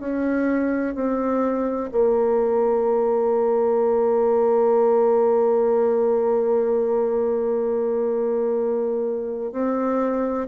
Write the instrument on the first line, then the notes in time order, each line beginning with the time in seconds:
bassoon
0.00 C#4
0.95 C4
1.92 A#3
9.53 C4